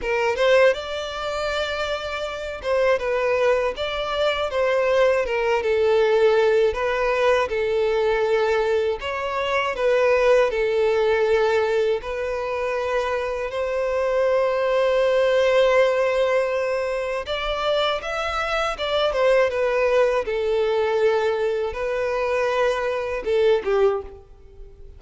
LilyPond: \new Staff \with { instrumentName = "violin" } { \time 4/4 \tempo 4 = 80 ais'8 c''8 d''2~ d''8 c''8 | b'4 d''4 c''4 ais'8 a'8~ | a'4 b'4 a'2 | cis''4 b'4 a'2 |
b'2 c''2~ | c''2. d''4 | e''4 d''8 c''8 b'4 a'4~ | a'4 b'2 a'8 g'8 | }